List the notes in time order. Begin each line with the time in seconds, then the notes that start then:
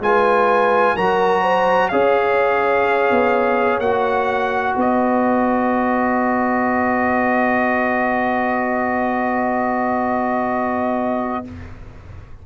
0.00 G#3 F4 B4 G#5
0.96 F#3 F#4 A#4 A#5
1.42 C5
1.89 C#4 G#4 C#5 F5
3.11 B3
3.79 A#3 F#4 F#5
4.75 B3 B4 D#5